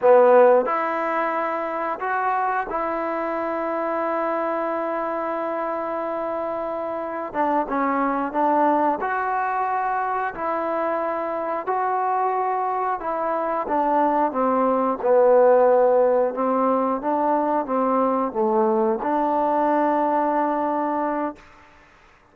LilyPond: \new Staff \with { instrumentName = "trombone" } { \time 4/4 \tempo 4 = 90 b4 e'2 fis'4 | e'1~ | e'2. d'8 cis'8~ | cis'8 d'4 fis'2 e'8~ |
e'4. fis'2 e'8~ | e'8 d'4 c'4 b4.~ | b8 c'4 d'4 c'4 a8~ | a8 d'2.~ d'8 | }